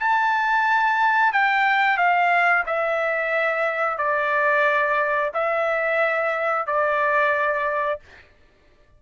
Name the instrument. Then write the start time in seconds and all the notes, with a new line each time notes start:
trumpet
0.00 A5
1.33 G5
1.97 F5
2.66 E5
3.98 D5
5.34 E5
6.67 D5